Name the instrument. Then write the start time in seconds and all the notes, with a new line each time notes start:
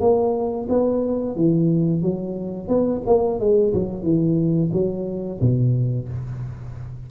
tuba
0.00 A#3
0.69 B3
1.36 E3
2.02 F#3
2.68 B3
3.06 A#3
3.40 G#3
3.74 F#3
4.03 E3
4.73 F#3
5.41 B2